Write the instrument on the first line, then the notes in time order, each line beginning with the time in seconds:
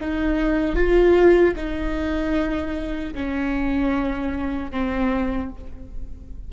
viola
0.00 D#4
0.75 F4
1.56 D#4
3.14 C#4
4.71 C4